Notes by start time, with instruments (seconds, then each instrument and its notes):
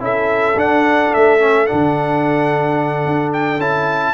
0.00 tuba C#4, trombone E4, horn A4, trumpet E5
0.56 tuba D4, trombone D4, trumpet F#5
1.14 tuba A3, trumpet E5
1.40 trombone C#4
1.67 tuba D3, trombone D4, trumpet F#5
3.06 tuba D4
3.33 trumpet G5
3.58 tuba C#4, trombone E4, trumpet A5